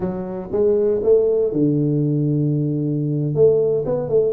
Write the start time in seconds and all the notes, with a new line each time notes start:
0.00 F#3
0.52 G#3
1.03 A3
1.52 D3
3.34 A3
3.85 B3
4.09 A3